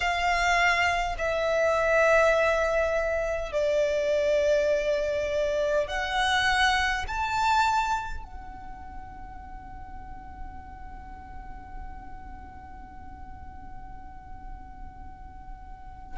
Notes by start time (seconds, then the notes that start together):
0.00 F5
1.18 E5
3.52 D5
5.87 F#5
7.07 A5
8.24 F#5